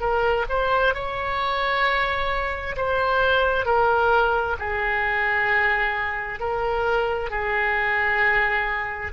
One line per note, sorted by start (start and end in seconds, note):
0.00 0.45 A#4
0.49 0.94 C5
0.94 2.76 C#5
2.76 3.65 C5
3.65 4.56 A#4
4.59 6.40 G#4
6.40 7.30 A#4
7.30 9.12 G#4